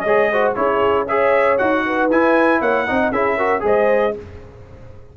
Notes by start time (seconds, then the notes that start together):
0.00 G#3 C#5 D#5
0.07 G#4
0.31 F#4 C5
0.55 C#4 E4 G#4 C#5
1.06 G#4 C#5 E5
1.58 D#4 F#4 F#5
1.86 B4
2.10 E4 G#5
2.60 A#3 C#5 F#5
2.87 C4 D#4 D#5
3.12 C#4 E4 G#4 E5
3.37 F#4 A#4
3.60 G#3 G#4 C5 D#5